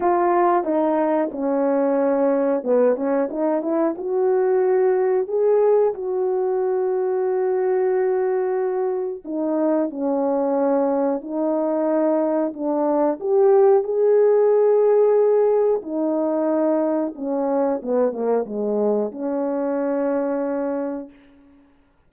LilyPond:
\new Staff \with { instrumentName = "horn" } { \time 4/4 \tempo 4 = 91 f'4 dis'4 cis'2 | b8 cis'8 dis'8 e'8 fis'2 | gis'4 fis'2.~ | fis'2 dis'4 cis'4~ |
cis'4 dis'2 d'4 | g'4 gis'2. | dis'2 cis'4 b8 ais8 | gis4 cis'2. | }